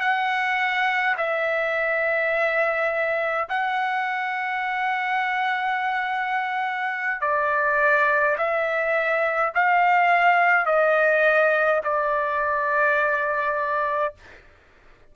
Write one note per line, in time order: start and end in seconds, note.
0.00 1.15 F#5
1.17 3.48 E5
3.49 7.21 F#5
7.21 8.37 D5
8.38 9.53 E5
9.55 10.66 F5
10.66 11.81 D#5
11.84 14.15 D5